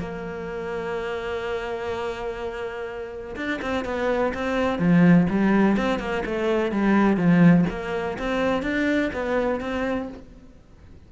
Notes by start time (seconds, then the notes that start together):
0.00 A#3
3.36 D4
3.62 C4
3.85 B3
4.35 C4
4.79 F3
5.30 G3
5.77 C4
6.00 A#3
6.26 A3
6.72 G3
7.17 F3
7.70 A#3
8.19 C4
8.63 D4
9.14 B3
9.61 C4